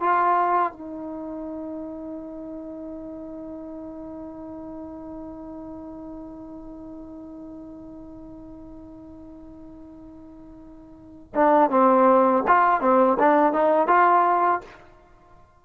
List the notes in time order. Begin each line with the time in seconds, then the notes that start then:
0.00 F4
0.72 D#4
11.34 D4
11.70 C4
12.48 F4
12.81 C4
13.19 D4
13.53 D#4
13.88 F4